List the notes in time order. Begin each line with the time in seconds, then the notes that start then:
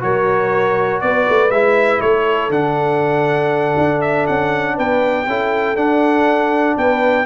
0.00 F#3 F#4 A#4 C#5
1.01 B3 B4 D5
1.29 A3
1.51 G#3 E4 E5
2.01 A3 A4 C#5
2.49 D3 D4 F#5
3.78 D4
4.01 E5
4.27 C#4 F#5
4.76 B3 B4 G5
5.27 C#4 E4 A4
5.75 D4 F#5
6.77 B3 B4 G5